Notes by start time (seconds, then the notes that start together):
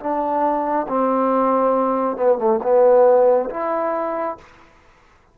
0.00 D4
0.89 C4
2.17 B3
2.39 A3
2.63 B3
3.51 E4